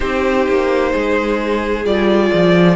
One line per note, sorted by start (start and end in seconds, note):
0.00 0.47 C4
0.00 1.84 D#4
0.00 0.92 G4
0.00 1.85 C5
0.47 0.94 A#3
0.92 1.84 G#3
0.92 2.76 G#4
1.84 2.30 G3
1.84 2.76 F4
1.84 2.76 D5
2.33 2.76 F3